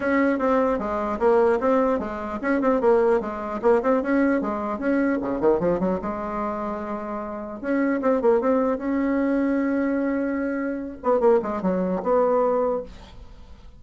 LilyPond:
\new Staff \with { instrumentName = "bassoon" } { \time 4/4 \tempo 4 = 150 cis'4 c'4 gis4 ais4 | c'4 gis4 cis'8 c'8 ais4 | gis4 ais8 c'8 cis'4 gis4 | cis'4 cis8 dis8 f8 fis8 gis4~ |
gis2. cis'4 | c'8 ais8 c'4 cis'2~ | cis'2.~ cis'8 b8 | ais8 gis8 fis4 b2 | }